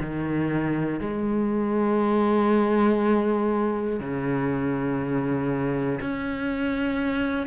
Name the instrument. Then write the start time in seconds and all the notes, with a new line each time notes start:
cello
0.00 D#3
1.00 G#3
4.00 C#3
6.00 C#4